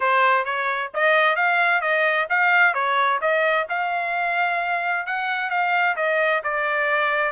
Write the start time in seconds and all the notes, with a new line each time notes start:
0.00 C5
0.45 C#5
0.93 D#5
1.36 F5
1.81 D#5
2.29 F5
2.74 C#5
3.21 D#5
3.69 F5
5.06 F#5
5.50 F5
5.96 D#5
6.43 D5